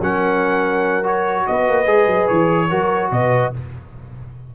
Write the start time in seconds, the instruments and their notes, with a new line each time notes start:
0.00 tuba F#3, trombone C#4, horn A#4, trumpet F#5
1.04 trombone F#4, trumpet C#5
1.47 tuba B3, horn B4, trumpet D#5
1.69 tuba A#3
1.86 tuba G#3, trombone G#4
2.07 tuba F#3
2.28 tuba E3, trumpet C#5
2.69 tuba F#3, trombone F#4, horn A#4
3.11 tuba B2, horn B4, trumpet D#5